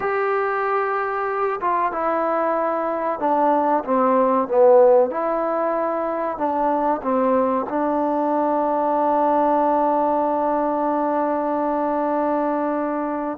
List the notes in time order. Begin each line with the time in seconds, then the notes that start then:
0.00 G4
1.60 F4
1.92 E4
3.19 D4
3.84 C4
4.48 B3
5.10 E4
6.37 D4
7.02 C4
7.69 D4